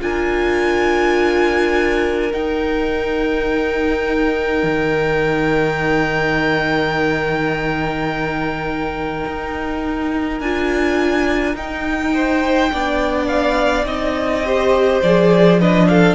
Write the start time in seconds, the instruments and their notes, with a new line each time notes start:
0.00 cello D4, viola F4, violin A#4 G#5
2.31 viola D#4, cello D#4, violin G5
4.63 cello D#3
9.25 cello D#4
10.40 cello D4, viola F4, violin G#5
11.55 cello D#4, viola D#4, violin G5
12.14 violin C5
12.71 cello B3, viola D4, violin D5
13.27 violin F5
13.85 cello C4, viola D#4, violin D#5
14.45 viola G4, violin C5
15.02 cello F3, viola G#4, violin D5
15.59 viola D4, violin B4 D#5
15.87 violin A4 F5